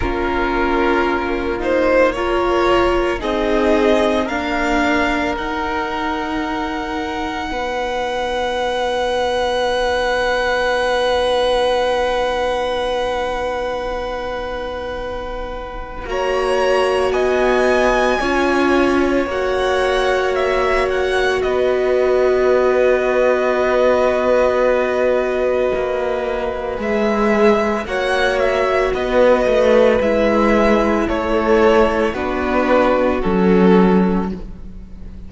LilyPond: <<
  \new Staff \with { instrumentName = "violin" } { \time 4/4 \tempo 4 = 56 ais'4. c''8 cis''4 dis''4 | f''4 fis''2.~ | fis''1~ | fis''2. ais''4 |
gis''2 fis''4 e''8 fis''8 | dis''1~ | dis''4 e''4 fis''8 e''8 dis''4 | e''4 cis''4 b'4 a'4 | }
  \new Staff \with { instrumentName = "violin" } { \time 4/4 f'2 ais'4 gis'4 | ais'2. b'4~ | b'1~ | b'2. cis''4 |
dis''4 cis''2. | b'1~ | b'2 cis''4 b'4~ | b'4 a'4 fis'2 | }
  \new Staff \with { instrumentName = "viola" } { \time 4/4 cis'4. dis'8 f'4 dis'4 | ais4 dis'2.~ | dis'1~ | dis'2. fis'4~ |
fis'4 f'4 fis'2~ | fis'1~ | fis'4 gis'4 fis'2 | e'2 d'4 cis'4 | }
  \new Staff \with { instrumentName = "cello" } { \time 4/4 ais2. c'4 | d'4 dis'2 b4~ | b1~ | b2. ais4 |
b4 cis'4 ais2 | b1 | ais4 gis4 ais4 b8 a8 | gis4 a4 b4 fis4 | }
>>